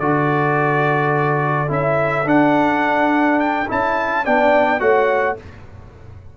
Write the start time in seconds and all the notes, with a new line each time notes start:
0.00 D3 F#4 A4 D5
1.68 C#4 E4 E5
2.25 D4 F#5
3.40 G5
3.69 C#4 E4 A5
4.25 B3 D4 D5 G5
4.80 A3 F#4 C#5 F#5